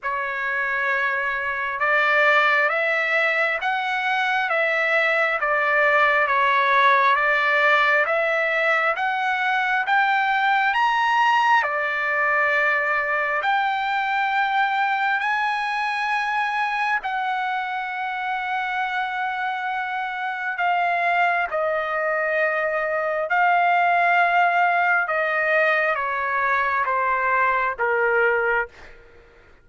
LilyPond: \new Staff \with { instrumentName = "trumpet" } { \time 4/4 \tempo 4 = 67 cis''2 d''4 e''4 | fis''4 e''4 d''4 cis''4 | d''4 e''4 fis''4 g''4 | ais''4 d''2 g''4~ |
g''4 gis''2 fis''4~ | fis''2. f''4 | dis''2 f''2 | dis''4 cis''4 c''4 ais'4 | }